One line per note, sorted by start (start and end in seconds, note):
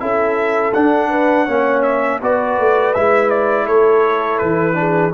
0.00 0.75 C#4
0.00 0.73 E4
0.00 1.10 A4
0.00 0.73 E5
0.74 1.48 D4
0.74 1.83 F#5
1.10 1.46 B4
1.46 2.21 A#3
1.46 2.21 C#4
1.46 2.19 C#5
1.83 2.20 E5
2.21 2.59 B3
2.21 2.96 F#4
2.21 3.66 B4
2.21 2.94 D5
2.59 2.96 A3
2.94 3.68 G#3
2.94 4.75 E4
2.94 3.30 E5
3.30 3.67 D5
3.66 4.41 A3
3.66 4.76 A4
3.66 4.39 C#5
4.39 5.14 E3
4.39 5.12 B4
4.75 5.11 D4
4.75 5.14 G#4